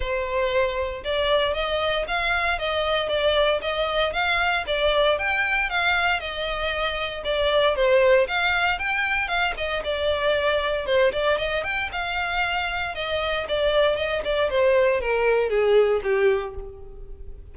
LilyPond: \new Staff \with { instrumentName = "violin" } { \time 4/4 \tempo 4 = 116 c''2 d''4 dis''4 | f''4 dis''4 d''4 dis''4 | f''4 d''4 g''4 f''4 | dis''2 d''4 c''4 |
f''4 g''4 f''8 dis''8 d''4~ | d''4 c''8 d''8 dis''8 g''8 f''4~ | f''4 dis''4 d''4 dis''8 d''8 | c''4 ais'4 gis'4 g'4 | }